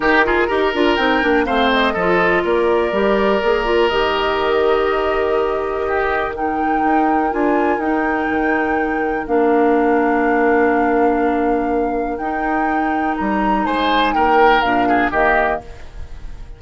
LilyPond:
<<
  \new Staff \with { instrumentName = "flute" } { \time 4/4 \tempo 4 = 123 ais'2 g''4 f''8 dis''8~ | dis''4 d''2. | dis''1~ | dis''4 g''2 gis''4 |
g''2. f''4~ | f''1~ | f''4 g''2 ais''4 | gis''4 g''4 f''4 dis''4 | }
  \new Staff \with { instrumentName = "oboe" } { \time 4/4 g'8 gis'8 ais'2 c''4 | a'4 ais'2.~ | ais'1 | g'4 ais'2.~ |
ais'1~ | ais'1~ | ais'1 | c''4 ais'4. gis'8 g'4 | }
  \new Staff \with { instrumentName = "clarinet" } { \time 4/4 dis'8 f'8 g'8 f'8 dis'8 d'8 c'4 | f'2 g'4 gis'8 f'8 | g'1~ | g'4 dis'2 f'4 |
dis'2. d'4~ | d'1~ | d'4 dis'2.~ | dis'2 d'4 ais4 | }
  \new Staff \with { instrumentName = "bassoon" } { \time 4/4 dis4 dis'8 d'8 c'8 ais8 a4 | f4 ais4 g4 ais4 | dis1~ | dis2 dis'4 d'4 |
dis'4 dis2 ais4~ | ais1~ | ais4 dis'2 g4 | gis4 ais4 ais,4 dis4 | }
>>